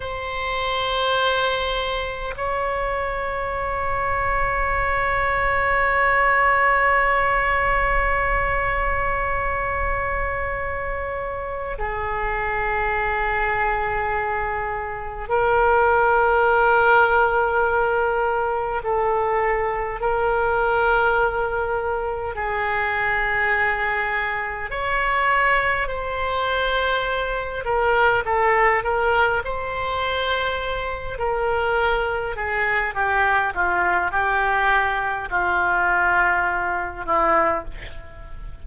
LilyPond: \new Staff \with { instrumentName = "oboe" } { \time 4/4 \tempo 4 = 51 c''2 cis''2~ | cis''1~ | cis''2 gis'2~ | gis'4 ais'2. |
a'4 ais'2 gis'4~ | gis'4 cis''4 c''4. ais'8 | a'8 ais'8 c''4. ais'4 gis'8 | g'8 f'8 g'4 f'4. e'8 | }